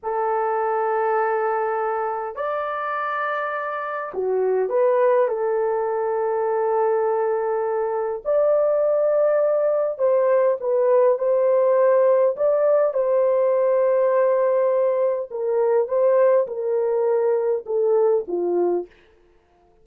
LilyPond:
\new Staff \with { instrumentName = "horn" } { \time 4/4 \tempo 4 = 102 a'1 | d''2. fis'4 | b'4 a'2.~ | a'2 d''2~ |
d''4 c''4 b'4 c''4~ | c''4 d''4 c''2~ | c''2 ais'4 c''4 | ais'2 a'4 f'4 | }